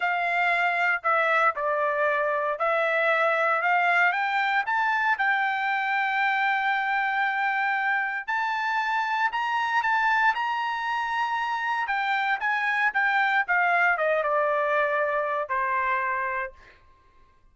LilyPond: \new Staff \with { instrumentName = "trumpet" } { \time 4/4 \tempo 4 = 116 f''2 e''4 d''4~ | d''4 e''2 f''4 | g''4 a''4 g''2~ | g''1 |
a''2 ais''4 a''4 | ais''2. g''4 | gis''4 g''4 f''4 dis''8 d''8~ | d''2 c''2 | }